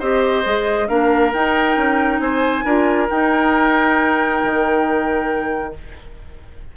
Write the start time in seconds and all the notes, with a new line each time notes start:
0.00 C4 G4 C5 D#5
0.45 G#3 G#4
0.88 A#3 D4 A#4 F5
1.33 D#4 G5
1.77 C#4
2.20 C4 C5 G#5
2.65 D4 F4 A#4
3.08 D#4 G5
4.44 D#3